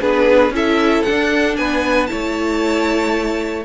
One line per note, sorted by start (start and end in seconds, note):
0.00 0.50 B3
0.00 0.52 D4
0.00 0.52 G#4
0.00 0.53 B4
0.50 1.02 C#4
0.50 1.06 E4
0.50 1.58 A4
0.50 1.03 E5
1.03 2.07 D4
1.03 1.55 F#5
1.10 1.58 D4
1.57 2.10 B3
1.57 2.10 B4
1.57 2.06 G#5
2.06 3.64 E4
2.06 3.65 C#5
2.06 3.63 A5
2.13 3.65 A3